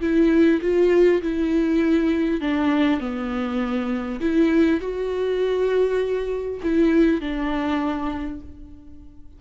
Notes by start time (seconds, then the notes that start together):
0.00 E4
0.61 F4
1.22 E4
2.40 D4
2.99 B3
4.20 E4
4.80 F#4
6.62 E4
7.20 D4